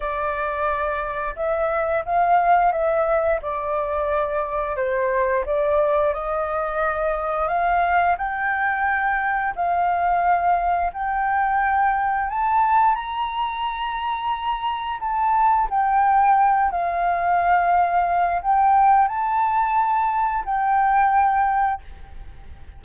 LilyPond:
\new Staff \with { instrumentName = "flute" } { \time 4/4 \tempo 4 = 88 d''2 e''4 f''4 | e''4 d''2 c''4 | d''4 dis''2 f''4 | g''2 f''2 |
g''2 a''4 ais''4~ | ais''2 a''4 g''4~ | g''8 f''2~ f''8 g''4 | a''2 g''2 | }